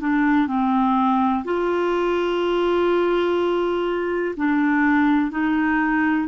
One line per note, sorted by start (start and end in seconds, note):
0.00 0.48 D4
0.48 1.44 C4
1.45 4.35 F4
4.36 5.31 D4
5.31 6.28 D#4